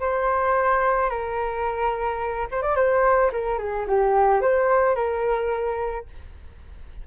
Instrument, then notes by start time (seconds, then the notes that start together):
flute
0.00 C5
1.10 A#4
2.51 C5
2.62 D5
2.76 C5
3.32 A#4
3.59 G#4
3.87 G4
4.41 C5
4.95 A#4